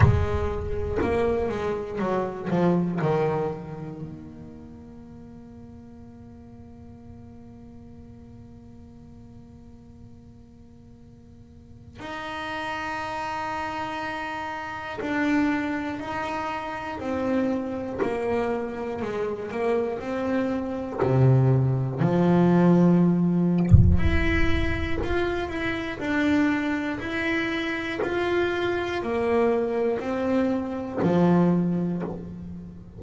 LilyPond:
\new Staff \with { instrumentName = "double bass" } { \time 4/4 \tempo 4 = 60 gis4 ais8 gis8 fis8 f8 dis4 | ais1~ | ais1 | dis'2. d'4 |
dis'4 c'4 ais4 gis8 ais8 | c'4 c4 f2 | e'4 f'8 e'8 d'4 e'4 | f'4 ais4 c'4 f4 | }